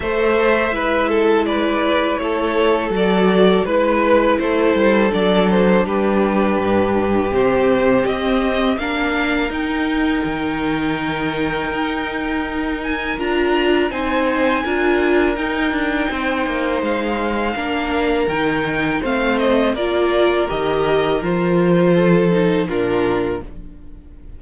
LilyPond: <<
  \new Staff \with { instrumentName = "violin" } { \time 4/4 \tempo 4 = 82 e''2 d''4 cis''4 | d''4 b'4 c''4 d''8 c''8 | b'2 c''4 dis''4 | f''4 g''2.~ |
g''4. gis''8 ais''4 gis''4~ | gis''4 g''2 f''4~ | f''4 g''4 f''8 dis''8 d''4 | dis''4 c''2 ais'4 | }
  \new Staff \with { instrumentName = "violin" } { \time 4/4 c''4 b'8 a'8 b'4 a'4~ | a'4 b'4 a'2 | g'1 | ais'1~ |
ais'2. c''4 | ais'2 c''2 | ais'2 c''4 ais'4~ | ais'2 a'4 f'4 | }
  \new Staff \with { instrumentName = "viola" } { \time 4/4 a'4 e'2. | fis'4 e'2 d'4~ | d'2 c'2 | d'4 dis'2.~ |
dis'2 f'4 dis'4 | f'4 dis'2. | d'4 dis'4 c'4 f'4 | g'4 f'4. dis'8 d'4 | }
  \new Staff \with { instrumentName = "cello" } { \time 4/4 a4 gis2 a4 | fis4 gis4 a8 g8 fis4 | g4 g,4 c4 c'4 | ais4 dis'4 dis2 |
dis'2 d'4 c'4 | d'4 dis'8 d'8 c'8 ais8 gis4 | ais4 dis4 a4 ais4 | dis4 f2 ais,4 | }
>>